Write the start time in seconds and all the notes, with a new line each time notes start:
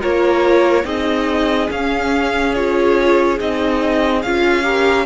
0.00 A#3 F4 A#4 C#5
0.83 C4 D#4 G#4 D#5
1.68 C#4 F5
2.54 F4 C#5
3.38 C4 D#4 D#5
4.22 C#4 F4 F5
4.62 G4 A#4